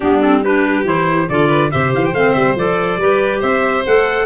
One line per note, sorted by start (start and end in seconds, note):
0.00 0.84 G3
0.00 0.22 B3
0.00 0.42 D4
0.00 0.21 G4
0.21 0.44 C4
0.21 0.43 A4
0.42 0.84 D4
0.42 1.28 G4
0.42 0.87 B4
0.84 1.27 E3
0.84 1.27 E4
0.84 1.29 C5
1.28 1.72 D3
1.28 1.71 F4
1.28 1.48 A4
1.28 1.71 D5
1.48 1.70 B4
1.71 1.93 C3
1.71 2.14 G4
1.71 3.00 C5
1.71 1.92 E5
1.93 2.13 E3
1.93 2.05 F5
2.05 2.14 G5
2.13 2.34 A3
2.13 2.57 C4
2.13 2.33 F5
2.33 2.55 G3
2.33 2.54 E5
2.55 2.96 F3
2.55 3.00 A4
2.55 3.42 D5
2.96 3.39 G3
2.96 3.85 G4
2.96 3.40 B4
3.40 3.85 C4
3.40 4.25 C5
3.40 3.85 E5
3.86 4.26 A3
3.86 4.26 A4
3.86 4.26 F#5